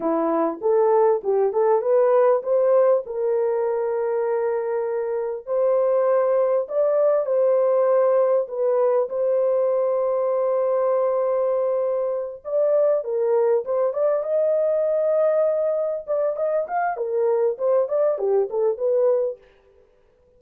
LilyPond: \new Staff \with { instrumentName = "horn" } { \time 4/4 \tempo 4 = 99 e'4 a'4 g'8 a'8 b'4 | c''4 ais'2.~ | ais'4 c''2 d''4 | c''2 b'4 c''4~ |
c''1~ | c''8 d''4 ais'4 c''8 d''8 dis''8~ | dis''2~ dis''8 d''8 dis''8 f''8 | ais'4 c''8 d''8 g'8 a'8 b'4 | }